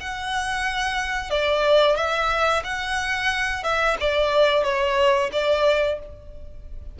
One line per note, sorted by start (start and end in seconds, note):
0.00 1.30 F#5
1.30 1.96 D5
1.96 2.63 E5
2.63 3.63 F#5
3.63 3.97 E5
4.00 4.63 D5
4.63 5.30 C#5
5.32 5.99 D5